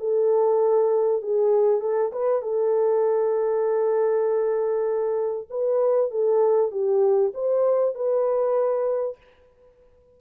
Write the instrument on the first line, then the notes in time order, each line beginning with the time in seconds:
horn
0.00 A4
1.22 G#4
1.81 A4
2.13 B4
2.42 A4
5.51 B4
6.11 A4
6.72 G4
7.34 C5
7.95 B4